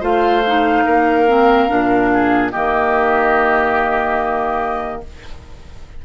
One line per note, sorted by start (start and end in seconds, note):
0.00 0.85 A3
0.00 0.42 F4
0.00 0.83 C5
0.00 2.51 F5
0.47 1.28 D#4
0.85 1.70 A#3
0.85 2.10 A#4
1.28 1.69 C4
1.69 2.53 A#2
1.69 2.52 D4
2.13 2.52 G#4
2.51 5.05 D#3
2.51 5.04 A#3
2.51 5.02 G4
2.51 5.01 D#5